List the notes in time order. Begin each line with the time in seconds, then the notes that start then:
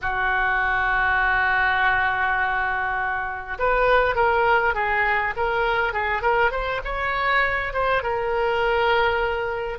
0.01 F#4
3.58 B4
4.15 A#4
4.74 G#4
5.36 A#4
5.93 G#4
6.21 A#4
6.51 C5
6.84 C#5
7.73 C5
8.02 A#4